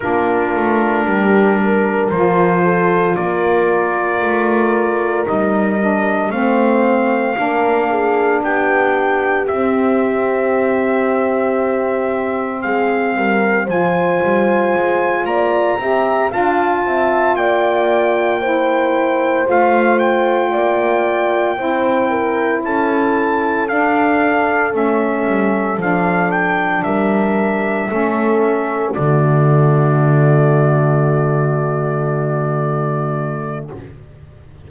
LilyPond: <<
  \new Staff \with { instrumentName = "trumpet" } { \time 4/4 \tempo 4 = 57 ais'2 c''4 d''4~ | d''4 dis''4 f''2 | g''4 e''2. | f''4 gis''4. ais''4 a''8~ |
a''8 g''2 f''8 g''4~ | g''4. a''4 f''4 e''8~ | e''8 f''8 g''8 e''2 d''8~ | d''1 | }
  \new Staff \with { instrumentName = "horn" } { \time 4/4 f'4 g'8 ais'4 a'8 ais'4~ | ais'2 c''4 ais'8 gis'8 | g'1 | gis'8 ais'8 c''4. d''8 e''8 f''8 |
e''8 d''4 c''2 d''8~ | d''8 c''8 ais'8 a'2~ a'8~ | a'4. ais'4 a'4 fis'8~ | fis'1 | }
  \new Staff \with { instrumentName = "saxophone" } { \time 4/4 d'2 f'2~ | f'4 dis'8 d'8 c'4 d'4~ | d'4 c'2.~ | c'4 f'2 g'8 f'8~ |
f'4. e'4 f'4.~ | f'8 e'2 d'4 cis'8~ | cis'8 d'2 cis'4 a8~ | a1 | }
  \new Staff \with { instrumentName = "double bass" } { \time 4/4 ais8 a8 g4 f4 ais4 | a4 g4 a4 ais4 | b4 c'2. | gis8 g8 f8 g8 gis8 ais8 c'8 d'8 |
c'8 ais2 a4 ais8~ | ais8 c'4 cis'4 d'4 a8 | g8 f4 g4 a4 d8~ | d1 | }
>>